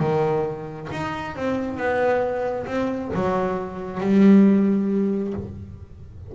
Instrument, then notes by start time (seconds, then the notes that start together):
double bass
0.00 D#3
0.92 D#4
1.36 C4
1.78 B3
2.67 C4
3.15 F#3
4.01 G3